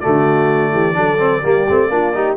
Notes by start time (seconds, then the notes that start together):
0.00 D3 A3 F#4 D5
0.72 E3 G4
0.94 F#3 D4 A4
1.18 C4
1.42 G3 A#3 G4
1.69 A3 C4
1.89 A#3 D4 F4
2.13 D#4 G4